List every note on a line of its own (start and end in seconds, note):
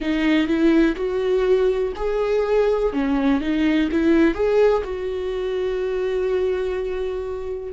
0.00 0.47 D#4
0.47 0.95 E4
0.96 1.93 F#4
1.96 2.93 G#4
2.93 3.40 C#4
3.40 3.89 D#4
3.91 4.34 E4
4.34 4.83 G#4
4.83 7.72 F#4